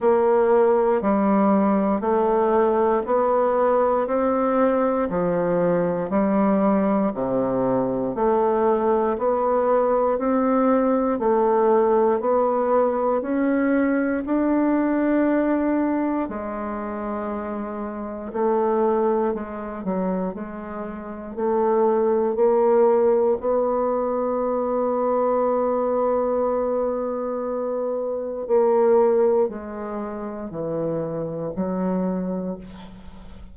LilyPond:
\new Staff \with { instrumentName = "bassoon" } { \time 4/4 \tempo 4 = 59 ais4 g4 a4 b4 | c'4 f4 g4 c4 | a4 b4 c'4 a4 | b4 cis'4 d'2 |
gis2 a4 gis8 fis8 | gis4 a4 ais4 b4~ | b1 | ais4 gis4 e4 fis4 | }